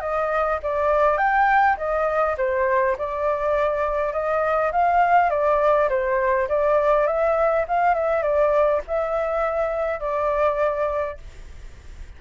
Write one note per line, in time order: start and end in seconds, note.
0.00 0.59 D#5
0.63 1.17 D5
1.17 1.76 G5
1.77 2.36 D#5
2.37 2.96 C5
2.98 4.13 D5
4.13 4.71 D#5
4.72 5.30 F5
5.30 5.89 D5
5.89 6.48 C5
6.48 7.07 D5
7.07 7.66 E5
7.68 7.94 F5
7.94 8.22 E5
8.22 8.81 D5
8.87 9.99 E5
9.99 11.17 D5